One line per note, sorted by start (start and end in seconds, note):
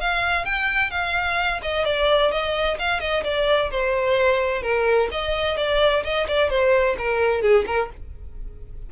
0.00 0.45 F5
0.45 0.90 G5
0.90 1.60 F5
1.62 1.85 D#5
1.85 2.31 D5
2.31 2.78 D#5
2.79 3.00 F5
3.00 3.23 D#5
3.23 3.70 D5
3.70 4.62 C5
4.62 5.08 A#4
5.11 5.57 D#5
5.57 6.03 D5
6.03 6.27 D#5
6.28 6.49 D5
6.49 6.96 C5
6.98 7.41 A#4
7.41 7.65 G#4
7.66 7.89 A#4